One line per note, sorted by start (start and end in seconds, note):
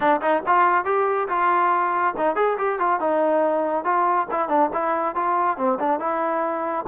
0.00 0.20 D4
0.21 0.43 D#4
0.46 0.85 F4
0.85 1.27 G4
1.28 2.14 F4
2.17 2.35 D#4
2.35 2.57 G#4
2.58 2.79 G4
2.79 3.00 F4
3.00 3.84 D#4
3.84 4.27 F4
4.31 4.48 E4
4.48 4.69 D4
4.73 5.15 E4
5.15 5.57 F4
5.57 5.78 C4
5.79 5.99 D4
5.99 6.85 E4